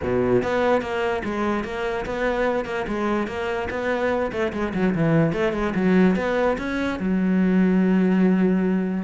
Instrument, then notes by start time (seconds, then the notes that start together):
cello
0.02 B2
0.42 B3
0.81 A#3
1.24 G#3
1.64 A#3
2.05 B3
2.65 A#3
2.87 G#3
3.27 A#3
3.70 B3
4.32 A3
4.52 G#3
4.74 F#3
4.94 E3
5.32 A3
5.53 G#3
5.75 F#3
6.16 B3
6.58 C#4
6.99 F#3